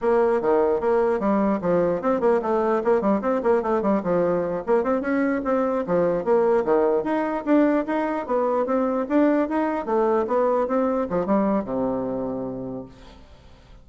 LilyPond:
\new Staff \with { instrumentName = "bassoon" } { \time 4/4 \tempo 4 = 149 ais4 dis4 ais4 g4 | f4 c'8 ais8 a4 ais8 g8 | c'8 ais8 a8 g8 f4. ais8 | c'8 cis'4 c'4 f4 ais8~ |
ais8 dis4 dis'4 d'4 dis'8~ | dis'8 b4 c'4 d'4 dis'8~ | dis'8 a4 b4 c'4 f8 | g4 c2. | }